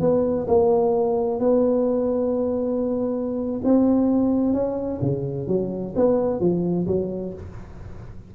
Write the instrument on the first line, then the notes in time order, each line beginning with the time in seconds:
tuba
0.00 B3
0.47 A#3
1.40 B3
3.64 C4
4.53 C#4
5.01 C#3
5.47 F#3
5.96 B3
6.40 F3
6.87 F#3